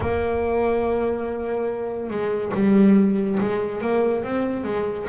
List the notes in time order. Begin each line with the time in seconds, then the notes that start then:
0.00 A#3
2.09 G#3
2.54 G3
3.40 G#3
3.81 A#3
4.23 C4
4.64 G#3